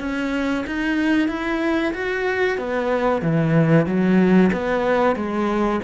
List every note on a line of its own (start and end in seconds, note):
0.00 0.65 C#4
0.67 1.28 D#4
1.28 1.93 E4
1.94 2.58 F#4
2.58 3.22 B3
3.22 3.87 E3
3.87 4.51 F#3
4.53 5.16 B3
5.16 5.80 G#3